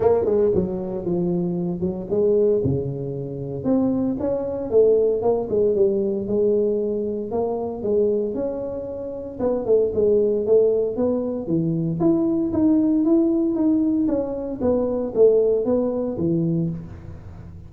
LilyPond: \new Staff \with { instrumentName = "tuba" } { \time 4/4 \tempo 4 = 115 ais8 gis8 fis4 f4. fis8 | gis4 cis2 c'4 | cis'4 a4 ais8 gis8 g4 | gis2 ais4 gis4 |
cis'2 b8 a8 gis4 | a4 b4 e4 e'4 | dis'4 e'4 dis'4 cis'4 | b4 a4 b4 e4 | }